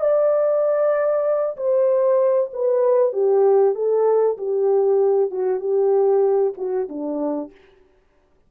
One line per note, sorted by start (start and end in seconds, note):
0.00 1.56 D5
1.56 2.50 C5
2.53 3.12 B4
3.12 3.74 G4
3.74 4.37 A4
4.37 5.30 G4
5.30 5.59 F#4
5.59 6.53 G4
6.57 6.88 F#4
6.88 7.51 D4